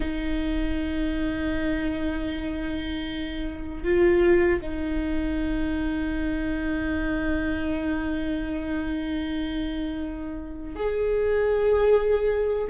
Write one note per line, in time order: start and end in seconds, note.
0.00 3.83 D#4
3.83 4.60 F4
4.61 10.75 D#4
10.75 12.67 G#4